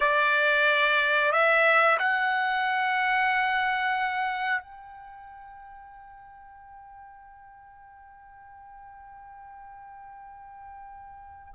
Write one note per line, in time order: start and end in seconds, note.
0.00 1.32 D5
1.32 1.98 E5
1.98 4.62 F#5
4.62 11.54 G5